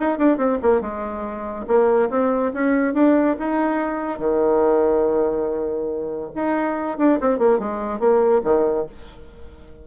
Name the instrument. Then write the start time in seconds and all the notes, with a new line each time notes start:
bassoon
0.00 D#4
0.18 D4
0.38 C4
0.62 A#3
0.81 G#3
1.67 A#3
2.10 C4
2.54 C#4
2.94 D4
3.39 D#4
4.19 D#3
6.35 D#4
6.98 D4
7.21 C4
7.39 A#3
7.59 G#3
8.00 A#3
8.44 D#3